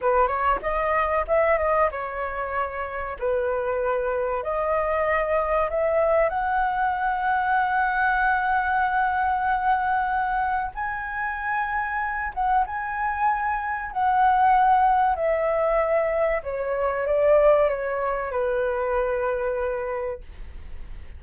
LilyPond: \new Staff \with { instrumentName = "flute" } { \time 4/4 \tempo 4 = 95 b'8 cis''8 dis''4 e''8 dis''8 cis''4~ | cis''4 b'2 dis''4~ | dis''4 e''4 fis''2~ | fis''1~ |
fis''4 gis''2~ gis''8 fis''8 | gis''2 fis''2 | e''2 cis''4 d''4 | cis''4 b'2. | }